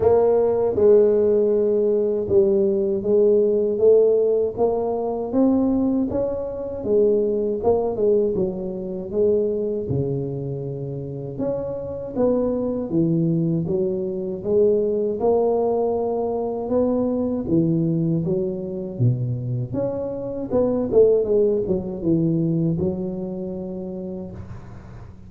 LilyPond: \new Staff \with { instrumentName = "tuba" } { \time 4/4 \tempo 4 = 79 ais4 gis2 g4 | gis4 a4 ais4 c'4 | cis'4 gis4 ais8 gis8 fis4 | gis4 cis2 cis'4 |
b4 e4 fis4 gis4 | ais2 b4 e4 | fis4 b,4 cis'4 b8 a8 | gis8 fis8 e4 fis2 | }